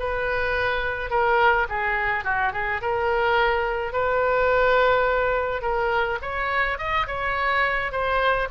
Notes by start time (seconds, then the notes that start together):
0.00 B4
1.11 A#4
1.69 G#4
2.25 F#4
2.53 G#4
2.82 A#4
3.93 B4
5.62 A#4
6.22 C#5
6.79 D#5
7.08 C#5
7.92 C5